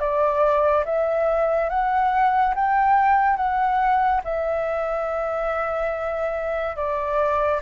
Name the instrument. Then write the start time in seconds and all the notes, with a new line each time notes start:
flute
0.00 D5
0.85 E5
1.69 F#5
2.55 G5
3.36 F#5
4.24 E5
6.76 D5